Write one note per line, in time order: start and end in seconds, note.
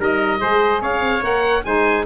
0.00 0.42 G3
0.00 0.39 D#4
0.00 0.41 A#4
0.00 0.83 D#5
0.39 0.82 G#3
0.39 1.21 G#4
0.39 0.82 C5
0.82 1.01 C#4
0.82 1.65 C#5
0.82 1.25 F5
1.01 1.21 C4
1.21 1.64 A#3
1.21 1.63 A#4
1.21 1.65 F#5
1.65 2.06 G#3
1.65 2.06 D#4
1.65 2.06 C5
1.65 2.06 G#5